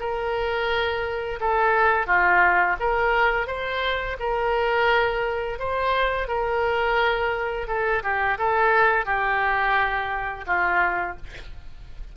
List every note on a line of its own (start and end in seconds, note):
0.00 1.40 A#4
1.40 2.07 A4
2.07 2.77 F4
2.80 3.47 A#4
3.47 4.17 C5
4.20 5.59 A#4
5.59 6.28 C5
6.28 7.68 A#4
7.68 8.03 A4
8.03 8.38 G4
8.38 9.06 A4
9.06 10.45 G4
10.47 11.17 F4